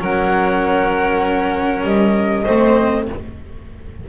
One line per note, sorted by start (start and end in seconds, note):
0.00 1.83 F#3
0.00 2.45 C#4
0.00 2.44 A#4
0.00 1.84 F#5
1.83 2.44 G3
1.83 3.07 D#5
2.44 3.09 A3
2.44 3.07 C4
2.44 3.05 C5